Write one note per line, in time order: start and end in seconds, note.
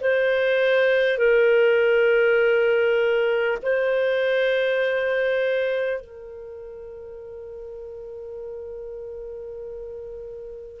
0.00 1.17 C5
1.17 3.57 A#4
3.62 6.00 C5
6.00 10.80 A#4